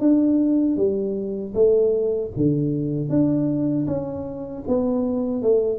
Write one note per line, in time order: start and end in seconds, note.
0.00 0.77 D4
0.77 1.53 G3
1.55 2.31 A3
2.36 3.09 D3
3.09 3.86 D4
3.87 4.64 C#4
4.68 5.42 B3
5.42 5.79 A3